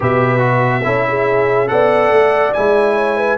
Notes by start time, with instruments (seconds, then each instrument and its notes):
0.00 tuba B2, trombone G4, horn B4, trumpet E5
0.38 trombone F#4
0.83 tuba C#4, trombone E4, horn A4
1.08 horn G#4
1.67 tuba B3, trombone A4, horn D5, trumpet F#5
2.10 tuba A3
2.53 tuba G#3, trombone E4, trumpet G#5
2.95 horn C#5
3.17 horn B4